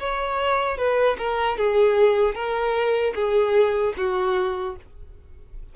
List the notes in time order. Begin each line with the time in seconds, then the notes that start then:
0.00 C#5
0.78 B4
1.18 A#4
1.58 G#4
2.35 A#4
3.15 G#4
3.97 F#4